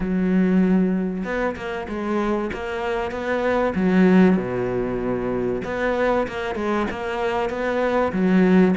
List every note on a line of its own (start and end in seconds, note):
0.00 1.23 F#3
1.24 1.55 B3
1.55 1.87 A#3
1.88 2.50 G#3
2.53 3.11 A#3
3.11 3.73 B3
3.75 4.36 F#3
4.36 5.61 B2
5.64 6.27 B3
6.27 6.55 A#3
6.55 6.86 G#3
6.90 7.49 A#3
7.49 8.12 B3
8.12 8.74 F#3